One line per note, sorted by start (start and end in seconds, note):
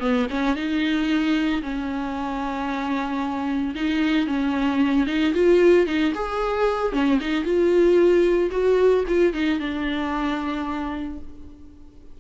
0.00 0.27 B3
0.30 0.56 C#4
0.56 1.62 D#4
1.62 3.75 C#4
3.75 4.27 D#4
4.27 5.07 C#4
5.07 5.33 D#4
5.34 5.86 F4
5.86 6.13 D#4
6.15 6.92 G#4
6.92 7.19 C#4
7.20 7.44 D#4
7.44 8.50 F4
8.51 9.04 F#4
9.07 9.34 F4
9.34 9.59 D#4
9.59 11.19 D4